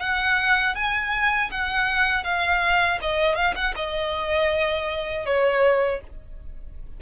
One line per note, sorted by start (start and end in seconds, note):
0.00 0.75 F#5
0.75 1.50 G#5
1.51 2.24 F#5
2.24 2.99 F5
3.02 3.36 D#5
3.36 3.55 F5
3.56 3.75 F#5
3.76 5.26 D#5
5.26 6.01 C#5